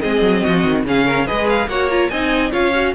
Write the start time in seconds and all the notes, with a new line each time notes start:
0.00 G#3 C4 G#4 D#5
0.21 F#3
0.42 F3 F#4
0.63 D#3
0.84 C#3 C#4 G#4 F5
1.05 A#4
1.26 G#3 G#4 B4 D#5
1.49 F5
1.67 A#3 F#4 C#5 F#5
1.89 F4 A#5
2.09 C4 D#4 D#5 G#5
2.51 C#4 F4 C#5 F5
2.74 F#4